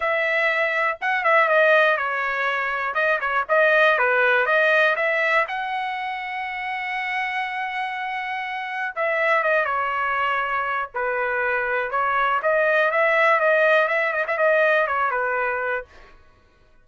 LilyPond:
\new Staff \with { instrumentName = "trumpet" } { \time 4/4 \tempo 4 = 121 e''2 fis''8 e''8 dis''4 | cis''2 dis''8 cis''8 dis''4 | b'4 dis''4 e''4 fis''4~ | fis''1~ |
fis''2 e''4 dis''8 cis''8~ | cis''2 b'2 | cis''4 dis''4 e''4 dis''4 | e''8 dis''16 e''16 dis''4 cis''8 b'4. | }